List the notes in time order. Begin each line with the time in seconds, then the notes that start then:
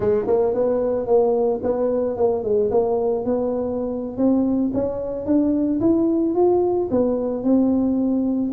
0.00 G#3
0.27 A#3
0.54 B3
1.06 A#3
1.62 B3
2.16 A#3
2.43 G#3
2.70 A#3
3.24 B3
4.17 C4
4.73 C#4
5.26 D4
5.80 E4
6.34 F4
6.90 B3
7.43 C4